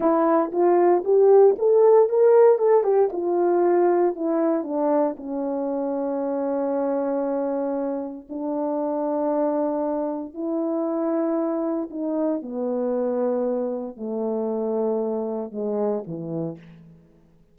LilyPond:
\new Staff \with { instrumentName = "horn" } { \time 4/4 \tempo 4 = 116 e'4 f'4 g'4 a'4 | ais'4 a'8 g'8 f'2 | e'4 d'4 cis'2~ | cis'1 |
d'1 | e'2. dis'4 | b2. a4~ | a2 gis4 e4 | }